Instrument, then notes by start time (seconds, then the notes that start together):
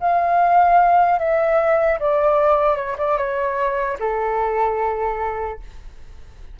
flute
0.00 F5
1.19 E5
2.00 D5
2.76 C#5
2.98 D5
3.17 C#5
4.00 A4